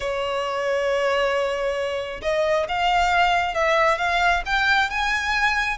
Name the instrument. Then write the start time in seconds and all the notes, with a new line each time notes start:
violin
0.00 C#5
2.22 D#5
2.68 F5
3.54 E5
3.98 F5
4.45 G5
4.90 G#5